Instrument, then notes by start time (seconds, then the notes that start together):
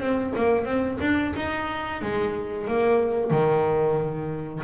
double bass
0.00 C4
0.37 A#3
0.65 C4
1.01 D4
1.36 D#4
2.02 G#3
2.68 A#3
3.31 D#3